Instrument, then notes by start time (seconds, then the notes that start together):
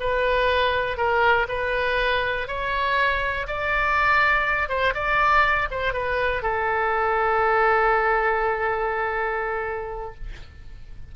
oboe
0.00 B4
0.97 A#4
1.48 B4
2.48 C#5
3.47 D5
4.69 C5
4.94 D5
5.71 C5
5.93 B4
6.43 A4